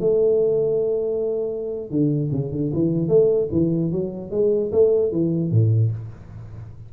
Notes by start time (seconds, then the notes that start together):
0.00 A3
1.90 D3
2.32 C#3
2.52 D3
2.73 E3
3.08 A3
3.51 E3
3.92 F#3
4.31 G#3
4.72 A3
5.12 E3
5.51 A2